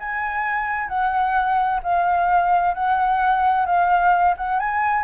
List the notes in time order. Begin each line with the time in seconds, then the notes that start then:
0.00 G#5
0.89 F#5
1.83 F5
2.75 F#5
3.66 F5
4.37 F#5
4.60 G#5